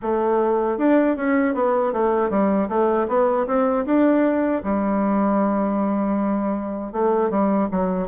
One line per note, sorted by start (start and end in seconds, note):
0.01 0.78 A3
0.78 1.16 D4
1.16 1.54 C#4
1.54 1.92 B3
1.92 2.30 A3
2.30 2.68 G3
2.68 3.07 A3
3.08 3.46 B3
3.47 3.85 C4
3.85 4.62 D4
4.63 6.92 G3
6.92 7.30 A3
7.30 7.68 G3
7.71 8.08 F#3